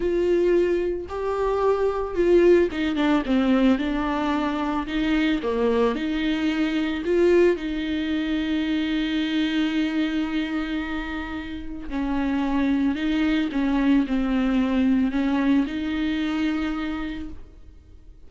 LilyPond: \new Staff \with { instrumentName = "viola" } { \time 4/4 \tempo 4 = 111 f'2 g'2 | f'4 dis'8 d'8 c'4 d'4~ | d'4 dis'4 ais4 dis'4~ | dis'4 f'4 dis'2~ |
dis'1~ | dis'2 cis'2 | dis'4 cis'4 c'2 | cis'4 dis'2. | }